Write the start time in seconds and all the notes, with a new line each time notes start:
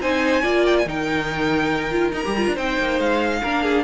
0.00 C4 D#4 C5 G#5
0.42 A#3 F4 D5
0.66 G5
0.78 G#5
0.85 D#3 D#4 A#4 G5
1.91 F4
2.12 D#4 A#5
2.24 G3 G4
2.37 F4
2.47 D4
2.54 C4 D#4 C5 G5
2.79 A#3
2.99 G#3 F5
3.42 A#3 D4 A#4
3.63 G#4